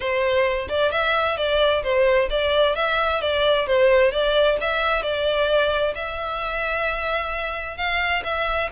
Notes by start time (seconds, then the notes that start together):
0.00 C5
0.68 D5
0.91 E5
1.37 D5
1.83 C5
2.29 D5
2.75 E5
3.21 D5
3.66 C5
4.11 D5
4.61 E5
5.02 D5
5.95 E5
7.77 F5
8.23 E5